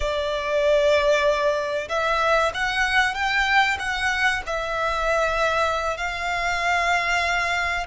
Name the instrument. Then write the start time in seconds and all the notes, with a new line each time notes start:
violin
0.00 D5
1.88 E5
2.53 F#5
3.14 G5
3.79 F#5
4.46 E5
5.97 F5